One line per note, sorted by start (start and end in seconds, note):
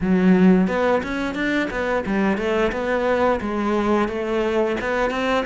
0.00 0.67 F#3
0.67 1.01 B3
1.03 1.35 C#4
1.35 1.69 D4
1.70 2.04 B3
2.06 2.37 G3
2.37 2.71 A3
2.71 3.40 B3
3.40 4.08 G#3
4.08 4.76 A3
4.81 5.10 B3
5.10 5.44 C4